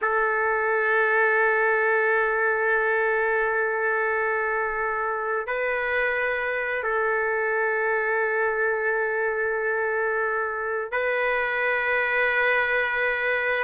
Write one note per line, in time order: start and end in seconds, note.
0.01 5.46 A4
5.46 6.83 B4
6.83 10.91 A4
10.91 13.64 B4